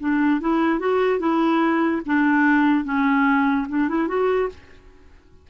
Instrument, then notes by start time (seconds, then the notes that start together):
clarinet
0.00 D4
0.41 E4
0.80 F#4
1.20 E4
2.06 D4
2.85 C#4
3.69 D4
3.89 E4
4.08 F#4